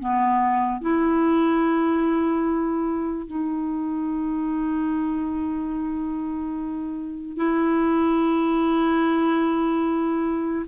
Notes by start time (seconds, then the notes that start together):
0.00 B3
0.81 E4
3.27 D#4
7.37 E4